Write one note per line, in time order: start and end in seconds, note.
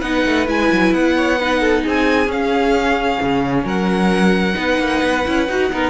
0.00 0.25 B3
0.00 0.47 D#4
0.00 1.14 B4
0.00 0.47 F#5
0.26 0.48 A3
0.47 0.71 G#3
0.47 1.38 E4
0.47 0.94 G#5
0.72 0.93 F#3
0.93 1.84 B3
0.93 1.85 F#5
1.17 1.39 C#5
1.39 2.26 D#4
1.39 1.61 B4
1.61 1.84 A4
1.84 2.28 C4
1.84 3.64 G#4
1.84 2.32 G#5
2.26 4.54 C#4
2.26 3.19 C#4
2.26 3.67 F5
3.22 3.65 C#3
3.64 4.56 F#3
3.64 4.55 A#4
3.64 5.91 F#5
4.54 4.79 B3
4.54 5.22 D#4
4.54 5.69 B4
4.79 5.02 A#3
5.03 5.26 B3
5.26 5.49 C#4
5.26 5.49 E4
5.49 5.72 D#4
5.49 5.72 F#4
5.72 5.91 B3
5.72 5.91 D#4
5.72 5.91 A#4